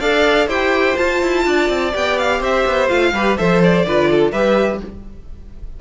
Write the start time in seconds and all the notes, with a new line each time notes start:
0.00 D4 A4 D5 F5
0.47 E4 G4 C5 G5
0.96 F4 A5
1.22 E4
1.45 D4 D5
1.69 C4
1.93 B3 G4 G5
2.18 F5
2.40 C4 C5 E5
2.67 B3
2.89 A3 F4 F5
3.13 G3 G4 B4
3.38 F3 A4 C5 E5
3.63 D5
3.85 D3 F4 B4
4.11 A4
4.32 G3 G4 B4 E5